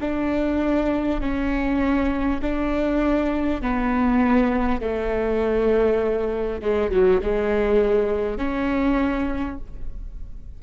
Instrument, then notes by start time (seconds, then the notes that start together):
viola
0.00 D4
1.20 C#4
2.41 D4
3.61 B3
4.81 A3
6.61 G#3
6.91 F#3
7.21 G#3
8.37 C#4